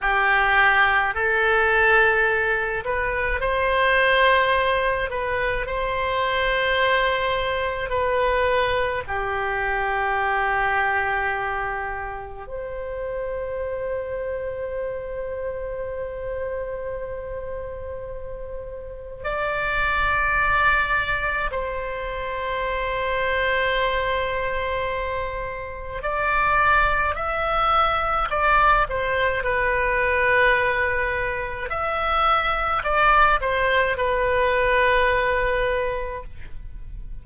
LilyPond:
\new Staff \with { instrumentName = "oboe" } { \time 4/4 \tempo 4 = 53 g'4 a'4. b'8 c''4~ | c''8 b'8 c''2 b'4 | g'2. c''4~ | c''1~ |
c''4 d''2 c''4~ | c''2. d''4 | e''4 d''8 c''8 b'2 | e''4 d''8 c''8 b'2 | }